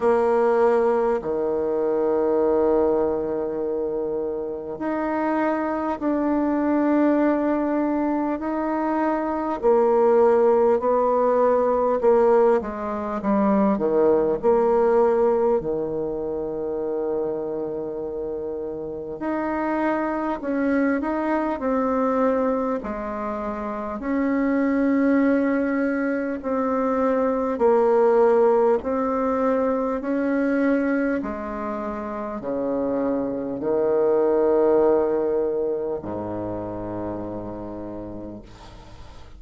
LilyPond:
\new Staff \with { instrumentName = "bassoon" } { \time 4/4 \tempo 4 = 50 ais4 dis2. | dis'4 d'2 dis'4 | ais4 b4 ais8 gis8 g8 dis8 | ais4 dis2. |
dis'4 cis'8 dis'8 c'4 gis4 | cis'2 c'4 ais4 | c'4 cis'4 gis4 cis4 | dis2 gis,2 | }